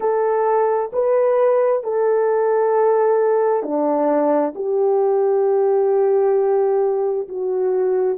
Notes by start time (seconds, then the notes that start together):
0.00 A4
0.92 B4
1.83 A4
3.62 D4
4.55 G4
7.28 F#4